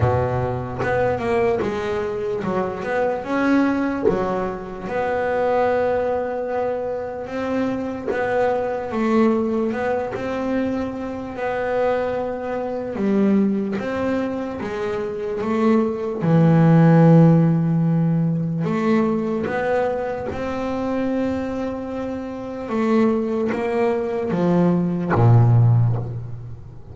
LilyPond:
\new Staff \with { instrumentName = "double bass" } { \time 4/4 \tempo 4 = 74 b,4 b8 ais8 gis4 fis8 b8 | cis'4 fis4 b2~ | b4 c'4 b4 a4 | b8 c'4. b2 |
g4 c'4 gis4 a4 | e2. a4 | b4 c'2. | a4 ais4 f4 ais,4 | }